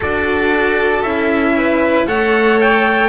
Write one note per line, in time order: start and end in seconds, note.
0.00 1.02 D4
0.00 1.04 F#4
0.00 1.53 A4
0.00 1.02 D5
1.02 2.06 C#4
1.02 2.07 E4
1.02 2.05 E5
1.56 2.07 B4
2.07 3.08 A3
2.07 3.08 A4
2.07 3.08 C#5
2.07 2.59 F#5
2.60 3.08 G5